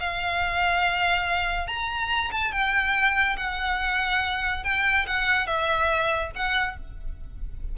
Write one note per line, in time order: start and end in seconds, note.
0.00 1.68 F5
1.68 2.31 A#5
2.32 2.52 A5
2.52 3.37 G5
3.37 4.64 F#5
4.64 5.06 G5
5.07 5.47 F#5
5.47 6.31 E5
6.36 6.78 F#5